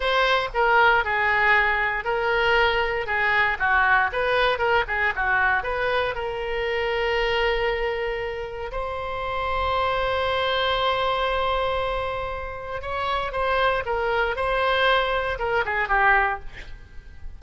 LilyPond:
\new Staff \with { instrumentName = "oboe" } { \time 4/4 \tempo 4 = 117 c''4 ais'4 gis'2 | ais'2 gis'4 fis'4 | b'4 ais'8 gis'8 fis'4 b'4 | ais'1~ |
ais'4 c''2.~ | c''1~ | c''4 cis''4 c''4 ais'4 | c''2 ais'8 gis'8 g'4 | }